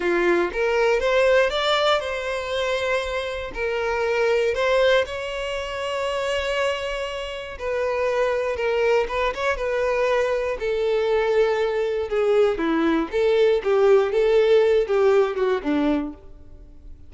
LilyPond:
\new Staff \with { instrumentName = "violin" } { \time 4/4 \tempo 4 = 119 f'4 ais'4 c''4 d''4 | c''2. ais'4~ | ais'4 c''4 cis''2~ | cis''2. b'4~ |
b'4 ais'4 b'8 cis''8 b'4~ | b'4 a'2. | gis'4 e'4 a'4 g'4 | a'4. g'4 fis'8 d'4 | }